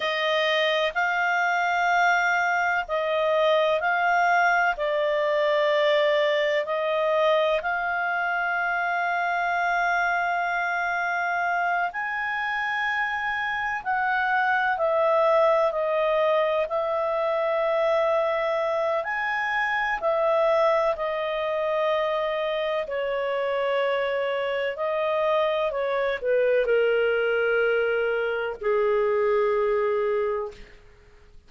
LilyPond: \new Staff \with { instrumentName = "clarinet" } { \time 4/4 \tempo 4 = 63 dis''4 f''2 dis''4 | f''4 d''2 dis''4 | f''1~ | f''8 gis''2 fis''4 e''8~ |
e''8 dis''4 e''2~ e''8 | gis''4 e''4 dis''2 | cis''2 dis''4 cis''8 b'8 | ais'2 gis'2 | }